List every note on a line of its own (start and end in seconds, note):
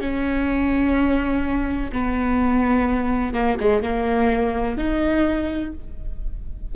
0.00 1.90 C#4
1.92 3.33 B3
3.33 3.57 A#3
3.60 3.82 G#3
3.82 4.77 A#3
4.77 5.73 D#4